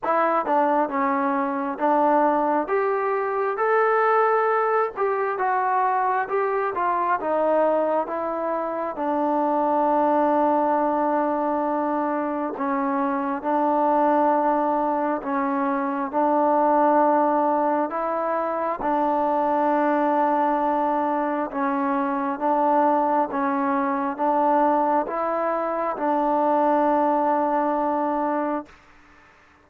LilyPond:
\new Staff \with { instrumentName = "trombone" } { \time 4/4 \tempo 4 = 67 e'8 d'8 cis'4 d'4 g'4 | a'4. g'8 fis'4 g'8 f'8 | dis'4 e'4 d'2~ | d'2 cis'4 d'4~ |
d'4 cis'4 d'2 | e'4 d'2. | cis'4 d'4 cis'4 d'4 | e'4 d'2. | }